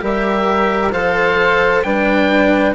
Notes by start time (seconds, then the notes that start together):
0.00 G3 G4 A#4 E5
0.92 F3 A4 C5 F5
1.82 G3 D4 B4 G5